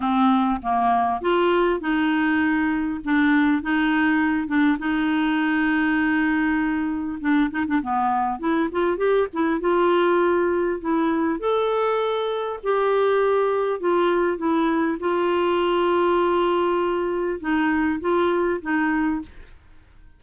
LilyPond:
\new Staff \with { instrumentName = "clarinet" } { \time 4/4 \tempo 4 = 100 c'4 ais4 f'4 dis'4~ | dis'4 d'4 dis'4. d'8 | dis'1 | d'8 dis'16 d'16 b4 e'8 f'8 g'8 e'8 |
f'2 e'4 a'4~ | a'4 g'2 f'4 | e'4 f'2.~ | f'4 dis'4 f'4 dis'4 | }